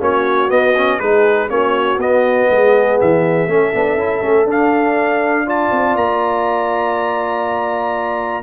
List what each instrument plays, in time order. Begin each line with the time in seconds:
0.00 tuba A#3, trombone C#4, horn F#4, trumpet C#5
0.49 trombone B3, tuba B3, trumpet D#5
0.77 trombone C#4
0.99 tuba G#3, trombone D#4, horn G#4, trumpet B4
1.49 tuba A#3, trombone C#4, horn F#4, trumpet C#5
1.98 tuba B3, trombone B3, trumpet D#5
2.51 tuba G#3, horn G#4
3.01 tuba E3, trumpet E5
3.47 tuba A3, trombone C#4, horn A4
3.73 tuba B3, trombone D4
3.97 tuba C#4, trombone E4
4.22 tuba A3, trombone C#4
4.45 tuba D4, trombone D4, trumpet F5
5.46 trombone F4, horn D5, trumpet A5
5.72 tuba C4
5.95 tuba A#3, trumpet A#5